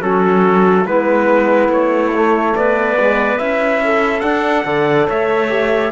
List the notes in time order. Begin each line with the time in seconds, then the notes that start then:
0.00 F#3 C#4 F#4 A4
0.85 G#3 B3 E4 B4
1.68 A3 C#5
2.14 A3
2.56 B3 B4 D5
3.00 G#3
3.37 C#4 E4 E5
3.83 A4
4.20 D4 F#5
4.65 D3 A4 D5
5.08 A3 C#5 E5
5.49 G4